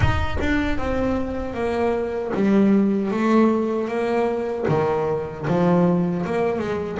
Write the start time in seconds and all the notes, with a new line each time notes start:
0.00 D#4
0.40 D4
0.78 C4
1.54 A#3
2.34 G3
3.11 A3
3.87 A#3
4.68 D#3
5.47 F3
6.26 A#3
6.58 G#3